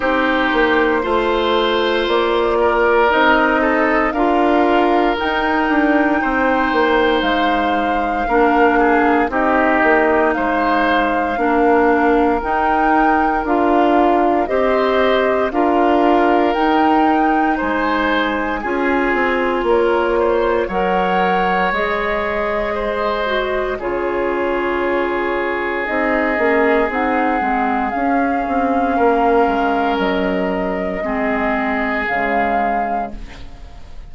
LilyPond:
<<
  \new Staff \with { instrumentName = "flute" } { \time 4/4 \tempo 4 = 58 c''2 d''4 dis''4 | f''4 g''2 f''4~ | f''4 dis''4 f''2 | g''4 f''4 dis''4 f''4 |
g''4 gis''2 cis''4 | fis''4 dis''2 cis''4~ | cis''4 dis''4 fis''4 f''4~ | f''4 dis''2 f''4 | }
  \new Staff \with { instrumentName = "oboe" } { \time 4/4 g'4 c''4. ais'4 a'8 | ais'2 c''2 | ais'8 gis'8 g'4 c''4 ais'4~ | ais'2 c''4 ais'4~ |
ais'4 c''4 gis'4 ais'8 c''8 | cis''2 c''4 gis'4~ | gis'1 | ais'2 gis'2 | }
  \new Staff \with { instrumentName = "clarinet" } { \time 4/4 dis'4 f'2 dis'4 | f'4 dis'2. | d'4 dis'2 d'4 | dis'4 f'4 g'4 f'4 |
dis'2 f'2 | ais'4 gis'4. fis'8 f'4~ | f'4 dis'8 cis'8 dis'8 c'8 cis'4~ | cis'2 c'4 gis4 | }
  \new Staff \with { instrumentName = "bassoon" } { \time 4/4 c'8 ais8 a4 ais4 c'4 | d'4 dis'8 d'8 c'8 ais8 gis4 | ais4 c'8 ais8 gis4 ais4 | dis'4 d'4 c'4 d'4 |
dis'4 gis4 cis'8 c'8 ais4 | fis4 gis2 cis4~ | cis4 c'8 ais8 c'8 gis8 cis'8 c'8 | ais8 gis8 fis4 gis4 cis4 | }
>>